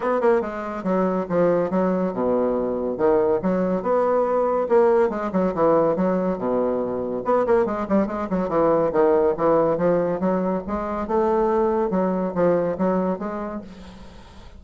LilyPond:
\new Staff \with { instrumentName = "bassoon" } { \time 4/4 \tempo 4 = 141 b8 ais8 gis4 fis4 f4 | fis4 b,2 dis4 | fis4 b2 ais4 | gis8 fis8 e4 fis4 b,4~ |
b,4 b8 ais8 gis8 g8 gis8 fis8 | e4 dis4 e4 f4 | fis4 gis4 a2 | fis4 f4 fis4 gis4 | }